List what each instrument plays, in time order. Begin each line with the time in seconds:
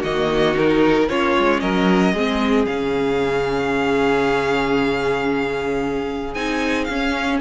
0.00 cello D#3, viola A#3, violin F#4 D#5
0.54 viola D#4, violin A#4
1.10 cello A#3, viola C#4, violin F4 C#5
1.38 cello G#3
1.60 cello F#3, violin A#4 D#5
2.14 cello G#3, viola C4, violin G#4
2.66 cello C#3, viola C#4, violin F5
6.34 cello C4, viola D#4, violin G#5
6.85 cello C#4, violin F5
6.92 viola C#4